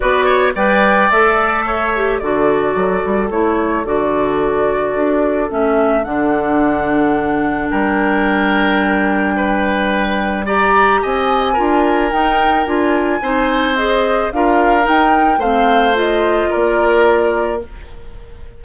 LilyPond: <<
  \new Staff \with { instrumentName = "flute" } { \time 4/4 \tempo 4 = 109 d''4 g''4 e''2 | d''2 cis''4 d''4~ | d''2 e''4 fis''4~ | fis''2 g''2~ |
g''2. ais''4 | gis''2 g''4 gis''4~ | gis''4 dis''4 f''4 g''4 | f''4 dis''4 d''2 | }
  \new Staff \with { instrumentName = "oboe" } { \time 4/4 b'8 cis''8 d''2 cis''4 | a'1~ | a'1~ | a'2 ais'2~ |
ais'4 b'2 d''4 | dis''4 ais'2. | c''2 ais'2 | c''2 ais'2 | }
  \new Staff \with { instrumentName = "clarinet" } { \time 4/4 fis'4 b'4 a'4. g'8 | fis'2 e'4 fis'4~ | fis'2 cis'4 d'4~ | d'1~ |
d'2. g'4~ | g'4 f'4 dis'4 f'4 | dis'4 gis'4 f'4 dis'4 | c'4 f'2. | }
  \new Staff \with { instrumentName = "bassoon" } { \time 4/4 b4 g4 a2 | d4 fis8 g8 a4 d4~ | d4 d'4 a4 d4~ | d2 g2~ |
g1 | c'4 d'4 dis'4 d'4 | c'2 d'4 dis'4 | a2 ais2 | }
>>